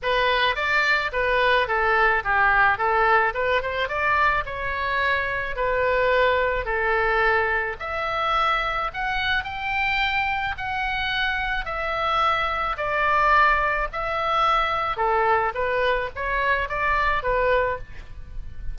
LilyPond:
\new Staff \with { instrumentName = "oboe" } { \time 4/4 \tempo 4 = 108 b'4 d''4 b'4 a'4 | g'4 a'4 b'8 c''8 d''4 | cis''2 b'2 | a'2 e''2 |
fis''4 g''2 fis''4~ | fis''4 e''2 d''4~ | d''4 e''2 a'4 | b'4 cis''4 d''4 b'4 | }